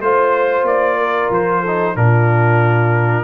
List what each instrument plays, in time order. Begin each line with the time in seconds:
0.00 tuba A3, trombone F4, trumpet C5, horn C5
0.63 tuba A#3, trumpet D5
0.97 horn A#4
1.30 tuba F3, trumpet C5
1.61 trombone D#4, horn A4
1.95 tuba A#2, trombone D4, horn F4, trumpet A#4